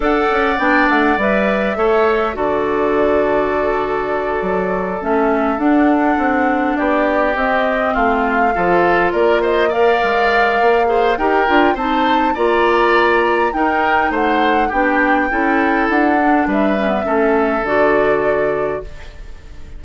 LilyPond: <<
  \new Staff \with { instrumentName = "flute" } { \time 4/4 \tempo 4 = 102 fis''4 g''8 fis''8 e''2 | d''1~ | d''8 e''4 fis''2 d''8~ | d''8 dis''4 f''2 d''8 |
dis''8 f''2~ f''8 g''4 | a''4 ais''2 g''4 | fis''4 g''2 fis''4 | e''2 d''2 | }
  \new Staff \with { instrumentName = "oboe" } { \time 4/4 d''2. cis''4 | a'1~ | a'2.~ a'8 g'8~ | g'4. f'4 a'4 ais'8 |
c''8 d''2 c''8 ais'4 | c''4 d''2 ais'4 | c''4 g'4 a'2 | b'4 a'2. | }
  \new Staff \with { instrumentName = "clarinet" } { \time 4/4 a'4 d'4 b'4 a'4 | fis'1~ | fis'8 cis'4 d'2~ d'8~ | d'8 c'2 f'4.~ |
f'8 ais'2 gis'8 g'8 f'8 | dis'4 f'2 dis'4~ | dis'4 d'4 e'4. d'8~ | d'8 cis'16 b16 cis'4 fis'2 | }
  \new Staff \with { instrumentName = "bassoon" } { \time 4/4 d'8 cis'8 b8 a8 g4 a4 | d2.~ d8 fis8~ | fis8 a4 d'4 c'4 b8~ | b8 c'4 a4 f4 ais8~ |
ais4 gis4 ais4 dis'8 d'8 | c'4 ais2 dis'4 | a4 b4 cis'4 d'4 | g4 a4 d2 | }
>>